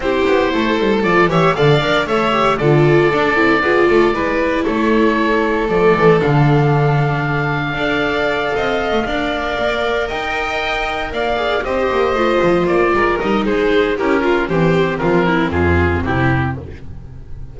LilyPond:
<<
  \new Staff \with { instrumentName = "oboe" } { \time 4/4 \tempo 4 = 116 c''2 d''8 e''8 f''4 | e''4 d''2.~ | d''4 cis''2 d''4 | f''1~ |
f''2.~ f''8 g''8~ | g''4. f''4 dis''4.~ | dis''8 d''4 dis''8 c''4 ais'4 | c''4 ais'4 gis'4 g'4 | }
  \new Staff \with { instrumentName = "violin" } { \time 4/4 g'4 a'4. cis''8 d''4 | cis''4 a'2 gis'8 a'8 | b'4 a'2.~ | a'2. d''4~ |
d''8 dis''4 d''2 dis''8~ | dis''4. d''4 c''4.~ | c''4 ais'4 gis'4 g'8 f'8 | g'4 f'8 e'8 f'4 e'4 | }
  \new Staff \with { instrumentName = "viola" } { \time 4/4 e'2 f'8 g'8 a'8 ais'8 | a'8 g'8 f'4 d'8 e'8 f'4 | e'2. a4 | d'2. a'4~ |
a'4. ais'2~ ais'8~ | ais'2 gis'8 g'4 f'8~ | f'4. dis'4. e'8 f'8 | c'1 | }
  \new Staff \with { instrumentName = "double bass" } { \time 4/4 c'8 b8 a8 g8 f8 e8 d8 d'8 | a4 d4 d'8 c'8 b8 a8 | gis4 a2 f8 e8 | d2. d'4~ |
d'8 c'8. a16 d'4 ais4 dis'8~ | dis'4. ais4 c'8 ais8 a8 | f8 ais8 gis8 g8 gis4 cis'4 | e4 f4 f,4 c4 | }
>>